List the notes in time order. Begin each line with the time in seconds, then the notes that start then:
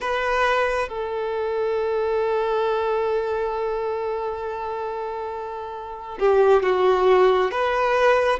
0.00 B4
0.88 A4
6.19 G4
6.63 F#4
7.51 B4